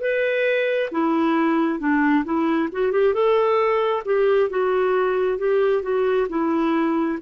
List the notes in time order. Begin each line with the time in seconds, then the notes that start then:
0.00 B4
0.91 E4
1.79 D4
2.24 E4
2.72 F#4
2.91 G4
3.13 A4
4.05 G4
4.49 F#4
5.38 G4
5.82 F#4
6.28 E4